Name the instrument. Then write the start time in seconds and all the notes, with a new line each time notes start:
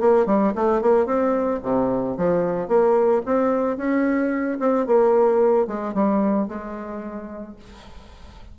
bassoon
0.00 A#3
0.26 G3
0.55 A3
0.82 A#3
1.06 C4
1.63 C3
2.17 F3
2.68 A#3
3.25 C4
3.77 C#4
4.59 C4
4.86 A#3
5.67 G#3
5.94 G3
6.48 G#3